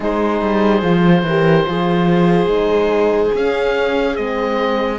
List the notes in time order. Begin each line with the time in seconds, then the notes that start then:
0.00 G#3 D#4 G#4 C5
0.41 G3
0.81 F3 F4
1.22 E3 G4 A#4
1.66 F3 F4 G#4
2.46 G#3 D#4
3.34 C#4 F5
4.15 G#3 C4 D#5